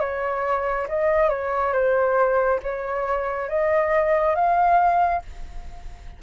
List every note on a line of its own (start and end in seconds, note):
0.00 0.87 C#5
0.89 1.29 D#5
1.29 1.73 C#5
1.73 2.60 C5
2.62 3.49 C#5
3.49 4.35 D#5
4.35 5.22 F5